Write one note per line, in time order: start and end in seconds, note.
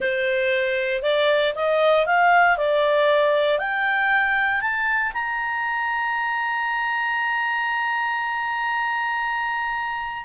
0.00 1.02 C5
1.02 1.53 D5
1.55 2.05 D#5
2.05 2.57 F5
2.57 3.59 D5
3.59 4.61 G5
4.61 5.12 A5
5.13 10.25 A#5